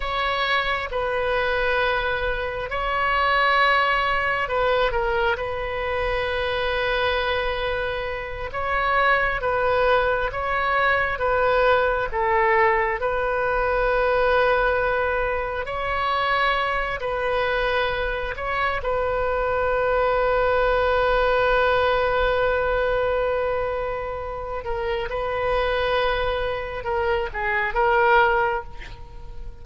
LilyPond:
\new Staff \with { instrumentName = "oboe" } { \time 4/4 \tempo 4 = 67 cis''4 b'2 cis''4~ | cis''4 b'8 ais'8 b'2~ | b'4. cis''4 b'4 cis''8~ | cis''8 b'4 a'4 b'4.~ |
b'4. cis''4. b'4~ | b'8 cis''8 b'2.~ | b'2.~ b'8 ais'8 | b'2 ais'8 gis'8 ais'4 | }